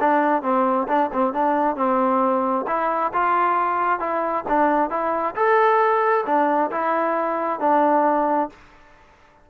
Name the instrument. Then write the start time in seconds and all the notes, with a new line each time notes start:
trombone
0.00 D4
0.42 C4
0.88 D4
1.13 C4
1.33 D4
1.76 C4
2.67 E4
3.13 F4
4.00 E4
4.48 D4
4.90 E4
5.35 A4
6.26 D4
6.71 E4
7.60 D4